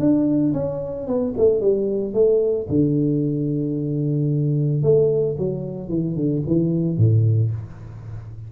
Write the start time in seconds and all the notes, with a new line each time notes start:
0.00 D4
0.54 C#4
1.07 B3
1.38 A3
1.61 G3
2.14 A3
2.70 D3
4.83 A3
5.38 F#3
5.89 E3
6.16 D3
6.47 E3
6.97 A2